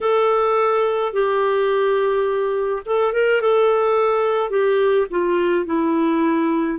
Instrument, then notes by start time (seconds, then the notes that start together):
clarinet
0.00 A4
1.13 G4
2.86 A4
3.12 A#4
3.41 A4
4.50 G4
5.10 F4
5.66 E4